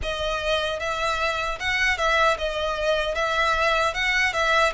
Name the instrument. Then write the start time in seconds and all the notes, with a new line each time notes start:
violin
0.02 D#5
0.79 E5
1.59 F#5
1.97 E5
2.38 D#5
3.14 E5
3.94 F#5
4.33 E5